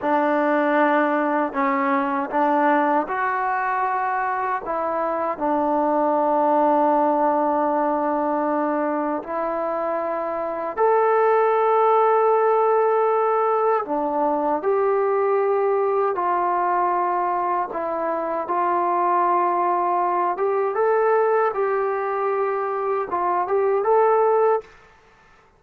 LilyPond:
\new Staff \with { instrumentName = "trombone" } { \time 4/4 \tempo 4 = 78 d'2 cis'4 d'4 | fis'2 e'4 d'4~ | d'1 | e'2 a'2~ |
a'2 d'4 g'4~ | g'4 f'2 e'4 | f'2~ f'8 g'8 a'4 | g'2 f'8 g'8 a'4 | }